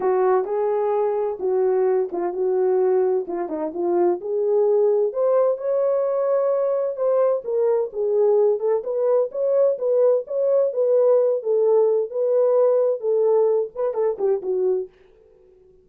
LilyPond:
\new Staff \with { instrumentName = "horn" } { \time 4/4 \tempo 4 = 129 fis'4 gis'2 fis'4~ | fis'8 f'8 fis'2 f'8 dis'8 | f'4 gis'2 c''4 | cis''2. c''4 |
ais'4 gis'4. a'8 b'4 | cis''4 b'4 cis''4 b'4~ | b'8 a'4. b'2 | a'4. b'8 a'8 g'8 fis'4 | }